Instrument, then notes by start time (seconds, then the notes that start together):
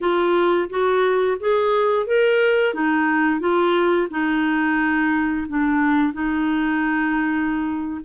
clarinet
0.00 F4
0.69 F#4
1.39 G#4
2.06 A#4
2.74 D#4
3.39 F4
4.10 D#4
5.48 D4
6.13 D#4